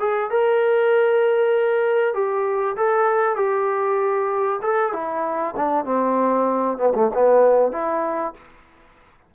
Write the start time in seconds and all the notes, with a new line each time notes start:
0.00 G#4
0.31 A#4
2.15 G4
2.77 A4
3.36 G4
4.63 A4
4.93 E4
5.57 D4
5.85 C4
6.78 B3
6.95 A3
7.15 B3
7.72 E4